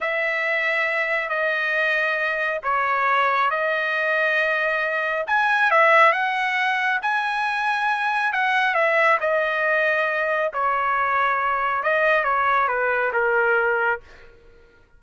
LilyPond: \new Staff \with { instrumentName = "trumpet" } { \time 4/4 \tempo 4 = 137 e''2. dis''4~ | dis''2 cis''2 | dis''1 | gis''4 e''4 fis''2 |
gis''2. fis''4 | e''4 dis''2. | cis''2. dis''4 | cis''4 b'4 ais'2 | }